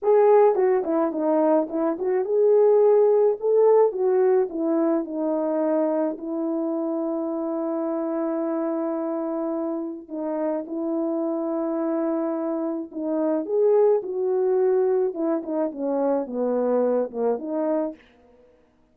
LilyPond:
\new Staff \with { instrumentName = "horn" } { \time 4/4 \tempo 4 = 107 gis'4 fis'8 e'8 dis'4 e'8 fis'8 | gis'2 a'4 fis'4 | e'4 dis'2 e'4~ | e'1~ |
e'2 dis'4 e'4~ | e'2. dis'4 | gis'4 fis'2 e'8 dis'8 | cis'4 b4. ais8 dis'4 | }